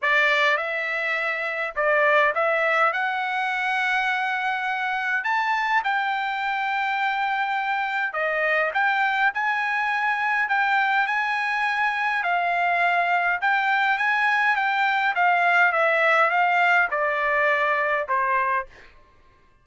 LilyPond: \new Staff \with { instrumentName = "trumpet" } { \time 4/4 \tempo 4 = 103 d''4 e''2 d''4 | e''4 fis''2.~ | fis''4 a''4 g''2~ | g''2 dis''4 g''4 |
gis''2 g''4 gis''4~ | gis''4 f''2 g''4 | gis''4 g''4 f''4 e''4 | f''4 d''2 c''4 | }